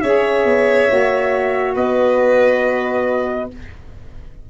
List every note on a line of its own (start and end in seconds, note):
0.00 0.45 C#4
0.00 0.89 G#4
0.00 1.74 C#5
0.00 1.74 E5
0.45 0.88 B3
0.89 1.76 A#3
0.89 3.50 F#4
1.74 3.50 B3
1.74 3.48 B4
1.74 3.50 D#5